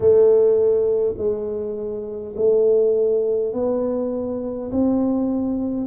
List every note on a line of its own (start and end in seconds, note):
0.00 1.14 A3
1.17 2.35 G#3
2.36 3.53 A3
3.53 4.71 B3
4.71 5.87 C4